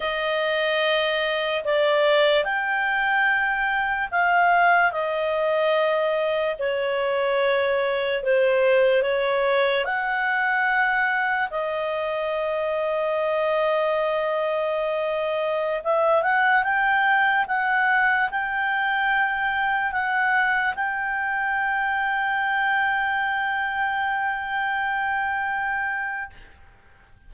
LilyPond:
\new Staff \with { instrumentName = "clarinet" } { \time 4/4 \tempo 4 = 73 dis''2 d''4 g''4~ | g''4 f''4 dis''2 | cis''2 c''4 cis''4 | fis''2 dis''2~ |
dis''2.~ dis''16 e''8 fis''16~ | fis''16 g''4 fis''4 g''4.~ g''16~ | g''16 fis''4 g''2~ g''8.~ | g''1 | }